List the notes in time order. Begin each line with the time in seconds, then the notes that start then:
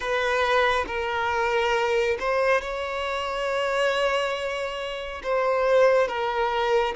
0.00 B4
0.87 A#4
2.19 C5
2.61 C#5
5.23 C5
6.08 A#4